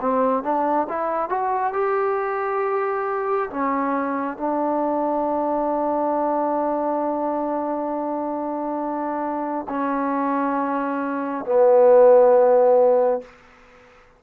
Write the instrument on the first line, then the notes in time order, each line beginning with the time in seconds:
trombone
0.00 C4
0.43 D4
0.88 E4
1.29 F#4
1.73 G4
3.50 C#4
4.37 D4
9.69 C#4
11.45 B3